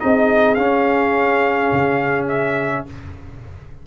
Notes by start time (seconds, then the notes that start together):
0.00 C4 D#4 G#4 D#5
0.55 C#4 F5
1.72 C#3
2.29 E5